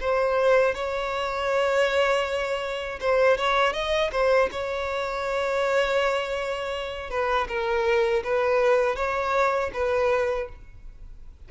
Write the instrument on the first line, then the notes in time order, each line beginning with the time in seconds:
violin
0.00 C5
0.74 C#5
3.00 C5
3.37 C#5
3.73 D#5
4.11 C5
4.51 C#5
7.10 B4
7.48 A#4
8.24 B4
8.95 C#5
9.73 B4